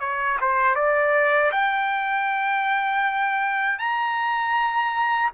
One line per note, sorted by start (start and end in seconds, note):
0.00 0.38 C#5
0.41 0.75 C5
0.75 1.51 D5
1.52 3.79 G5
3.79 5.31 A#5